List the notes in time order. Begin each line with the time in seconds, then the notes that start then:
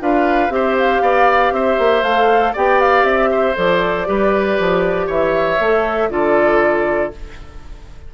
0.00 D4 F4 B4 F5
0.49 C4 G4 C5 E5
0.78 F5
1.01 B3 D5
1.51 C4 C5 E5
1.79 A#3
2.03 A3 A4 F5
2.53 B3 G4 D5 G5
2.80 F5
3.03 C4 E5
3.31 C5
3.55 F3 A4 D5
4.06 G3 G4 B4
4.60 F3
5.07 E3 C#5 E5
5.59 A3 A4
6.10 D3 F4 A4 D5